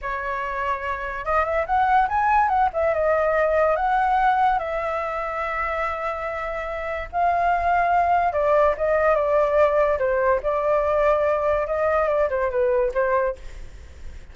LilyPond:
\new Staff \with { instrumentName = "flute" } { \time 4/4 \tempo 4 = 144 cis''2. dis''8 e''8 | fis''4 gis''4 fis''8 e''8 dis''4~ | dis''4 fis''2 e''4~ | e''1~ |
e''4 f''2. | d''4 dis''4 d''2 | c''4 d''2. | dis''4 d''8 c''8 b'4 c''4 | }